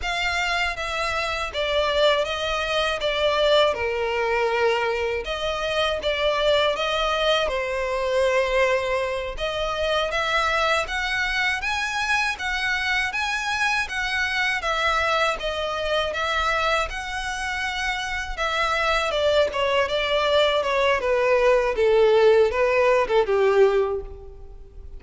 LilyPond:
\new Staff \with { instrumentName = "violin" } { \time 4/4 \tempo 4 = 80 f''4 e''4 d''4 dis''4 | d''4 ais'2 dis''4 | d''4 dis''4 c''2~ | c''8 dis''4 e''4 fis''4 gis''8~ |
gis''8 fis''4 gis''4 fis''4 e''8~ | e''8 dis''4 e''4 fis''4.~ | fis''8 e''4 d''8 cis''8 d''4 cis''8 | b'4 a'4 b'8. a'16 g'4 | }